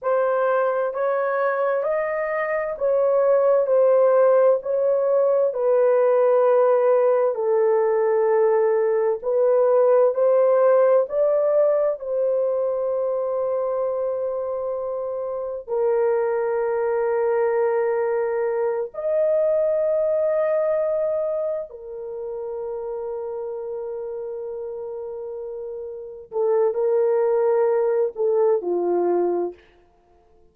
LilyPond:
\new Staff \with { instrumentName = "horn" } { \time 4/4 \tempo 4 = 65 c''4 cis''4 dis''4 cis''4 | c''4 cis''4 b'2 | a'2 b'4 c''4 | d''4 c''2.~ |
c''4 ais'2.~ | ais'8 dis''2. ais'8~ | ais'1~ | ais'8 a'8 ais'4. a'8 f'4 | }